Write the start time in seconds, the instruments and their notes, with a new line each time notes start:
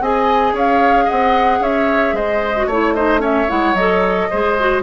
0.00 bassoon C4, clarinet G#4, oboe D#5, flute G#5
0.53 bassoon C#4, oboe C#5, flute F5
1.04 oboe D#5, flute F#5
1.11 bassoon C4
1.60 bassoon C#4, oboe C#5, flute E5
2.12 bassoon G#3, oboe C5, flute D#5
2.56 clarinet F#4
2.66 bassoon A3, clarinet E4, oboe C#5, flute C#5
2.94 clarinet D#4, oboe C5, flute D#5
3.19 clarinet C#4, oboe C#5, flute E5
3.48 bassoon G#3, clarinet E4, flute F#5
3.73 bassoon F#3, clarinet A4, flute D#5
4.30 bassoon G#3, clarinet G#4, oboe C5
4.59 clarinet F#4